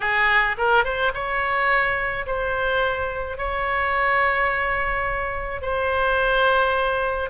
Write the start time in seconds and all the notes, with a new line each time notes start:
0.00 G#4
0.57 A#4
0.84 C5
1.13 C#5
2.26 C5
3.37 C#5
5.61 C5